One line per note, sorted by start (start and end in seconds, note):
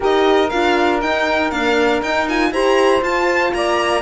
0.00 0.51 D#4
0.00 0.50 G4
0.00 2.50 A#4
0.00 0.49 D#5
0.49 1.03 D4
0.49 1.00 F4
0.49 1.00 F5
1.00 1.51 D#4
1.00 1.50 G5
1.50 2.02 A#3
1.50 2.02 D4
1.50 2.01 F5
2.02 2.27 D#4
2.02 2.51 D#4
2.02 2.28 G5
2.28 2.53 F4
2.28 2.53 G#5
2.51 3.01 E4
2.51 3.01 G4
2.51 3.53 C5
2.51 3.03 A#5
3.01 4.02 F4
3.01 3.52 F4
3.01 3.53 A5
3.53 4.02 A#3
3.53 4.02 D5
3.53 4.02 A#5